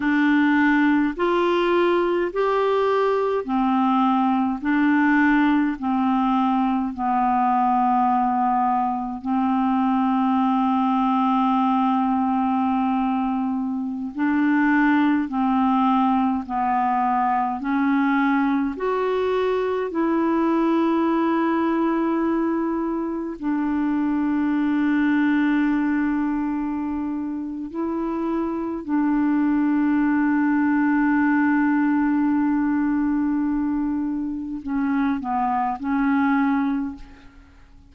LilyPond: \new Staff \with { instrumentName = "clarinet" } { \time 4/4 \tempo 4 = 52 d'4 f'4 g'4 c'4 | d'4 c'4 b2 | c'1~ | c'16 d'4 c'4 b4 cis'8.~ |
cis'16 fis'4 e'2~ e'8.~ | e'16 d'2.~ d'8. | e'4 d'2.~ | d'2 cis'8 b8 cis'4 | }